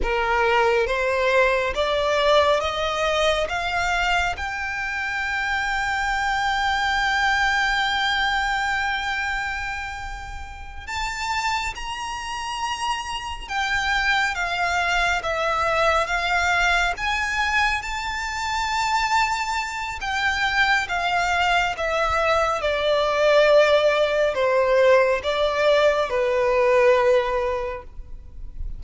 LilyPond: \new Staff \with { instrumentName = "violin" } { \time 4/4 \tempo 4 = 69 ais'4 c''4 d''4 dis''4 | f''4 g''2.~ | g''1~ | g''8 a''4 ais''2 g''8~ |
g''8 f''4 e''4 f''4 gis''8~ | gis''8 a''2~ a''8 g''4 | f''4 e''4 d''2 | c''4 d''4 b'2 | }